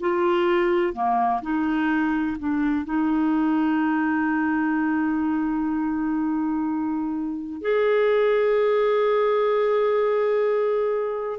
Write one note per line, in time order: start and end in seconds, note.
0.00 0.93 F4
0.93 1.41 A#3
1.41 2.36 D#4
2.38 2.85 D4
2.85 7.61 D#4
7.61 11.39 G#4